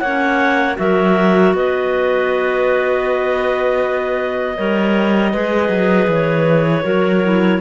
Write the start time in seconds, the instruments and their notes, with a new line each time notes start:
0.00 cello A#3, clarinet C#4 C#5 F#5
0.75 cello F#3, clarinet F#4 A#4 E5
1.54 cello B3, clarinet B4 D#5
4.57 cello G3, clarinet A#4 C#5
5.32 cello G#3, clarinet G#4 B4
5.69 cello F#3
6.08 cello E3, clarinet C#5
6.84 cello F#3, clarinet F#4 A#4
7.24 clarinet E4